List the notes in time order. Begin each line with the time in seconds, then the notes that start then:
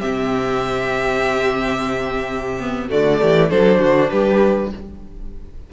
0.00 C3 C4 G4 E5
2.60 B3
2.88 D3 A3 F#4 D5
3.21 E3 G4
3.50 F#3 D4 A4 C5
3.80 D3 F#4
4.10 G3 G4 B4